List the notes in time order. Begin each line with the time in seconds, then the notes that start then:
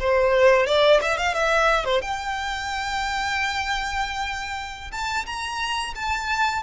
0.00 C5
0.67 D5
1.02 E5
1.17 F5
1.35 E5
1.85 C5
2.02 G5
4.92 A5
5.26 A#5
5.95 A5